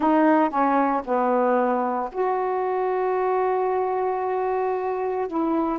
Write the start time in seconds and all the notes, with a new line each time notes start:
0.00 D#4
0.49 C#4
1.04 B3
2.11 F#4
5.27 E4